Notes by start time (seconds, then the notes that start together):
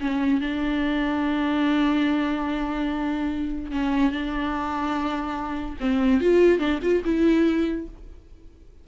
0.00 C#4
0.40 D4
3.71 C#4
4.11 D4
5.80 C4
6.21 F4
6.58 D4
6.82 F4
7.04 E4